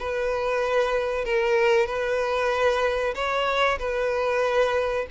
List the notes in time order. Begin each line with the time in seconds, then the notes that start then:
0.00 B4
1.25 A#4
1.87 B4
3.15 C#5
3.79 B4